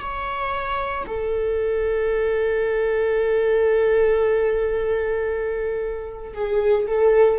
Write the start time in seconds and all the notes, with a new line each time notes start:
0.00 C#5
1.07 A4
6.34 G#4
6.87 A4